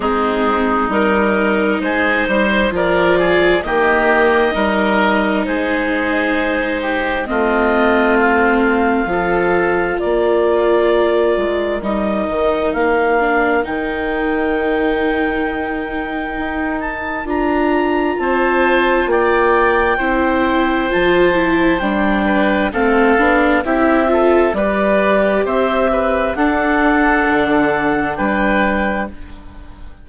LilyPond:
<<
  \new Staff \with { instrumentName = "clarinet" } { \time 4/4 \tempo 4 = 66 gis'4 ais'4 c''4 d''4 | dis''2 c''2 | dis''4 f''2 d''4~ | d''4 dis''4 f''4 g''4~ |
g''2~ g''8 a''8 ais''4 | a''4 g''2 a''4 | g''4 f''4 e''4 d''4 | e''4 fis''2 g''4 | }
  \new Staff \with { instrumentName = "oboe" } { \time 4/4 dis'2 gis'8 c''8 ais'8 gis'8 | g'4 ais'4 gis'4. g'8 | f'2 a'4 ais'4~ | ais'1~ |
ais'1 | c''4 d''4 c''2~ | c''8 b'8 a'4 g'8 a'8 b'4 | c''8 b'8 a'2 b'4 | }
  \new Staff \with { instrumentName = "viola" } { \time 4/4 c'4 dis'2 f'4 | ais4 dis'2. | c'2 f'2~ | f'4 dis'4. d'8 dis'4~ |
dis'2. f'4~ | f'2 e'4 f'8 e'8 | d'4 c'8 d'8 e'8 f'8 g'4~ | g'4 d'2. | }
  \new Staff \with { instrumentName = "bassoon" } { \time 4/4 gis4 g4 gis8 g8 f4 | dis4 g4 gis2 | a2 f4 ais4~ | ais8 gis8 g8 dis8 ais4 dis4~ |
dis2 dis'4 d'4 | c'4 ais4 c'4 f4 | g4 a8 b8 c'4 g4 | c'4 d'4 d4 g4 | }
>>